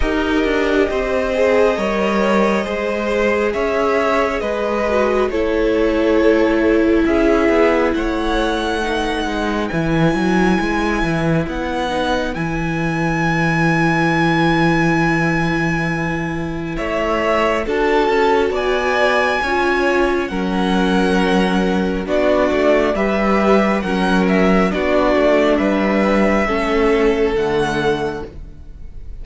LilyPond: <<
  \new Staff \with { instrumentName = "violin" } { \time 4/4 \tempo 4 = 68 dis''1 | e''4 dis''4 cis''2 | e''4 fis''2 gis''4~ | gis''4 fis''4 gis''2~ |
gis''2. e''4 | a''4 gis''2 fis''4~ | fis''4 d''4 e''4 fis''8 e''8 | d''4 e''2 fis''4 | }
  \new Staff \with { instrumentName = "violin" } { \time 4/4 ais'4 c''4 cis''4 c''4 | cis''4 b'4 a'2 | gis'4 cis''4 b'2~ | b'1~ |
b'2. cis''4 | a'4 d''4 cis''4 ais'4~ | ais'4 fis'4 b'4 ais'4 | fis'4 b'4 a'2 | }
  \new Staff \with { instrumentName = "viola" } { \time 4/4 g'4. gis'8 ais'4 gis'4~ | gis'4. fis'8 e'2~ | e'2 dis'4 e'4~ | e'4. dis'8 e'2~ |
e'1 | fis'2 f'4 cis'4~ | cis'4 d'4 g'4 cis'4 | d'2 cis'4 a4 | }
  \new Staff \with { instrumentName = "cello" } { \time 4/4 dis'8 d'8 c'4 g4 gis4 | cis'4 gis4 a2 | cis'8 b8 a4. gis8 e8 fis8 | gis8 e8 b4 e2~ |
e2. a4 | d'8 cis'8 b4 cis'4 fis4~ | fis4 b8 a8 g4 fis4 | b8 a8 g4 a4 d4 | }
>>